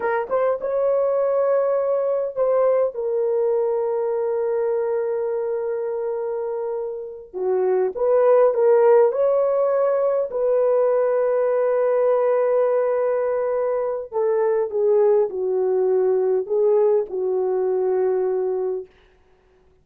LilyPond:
\new Staff \with { instrumentName = "horn" } { \time 4/4 \tempo 4 = 102 ais'8 c''8 cis''2. | c''4 ais'2.~ | ais'1~ | ais'8 fis'4 b'4 ais'4 cis''8~ |
cis''4. b'2~ b'8~ | b'1 | a'4 gis'4 fis'2 | gis'4 fis'2. | }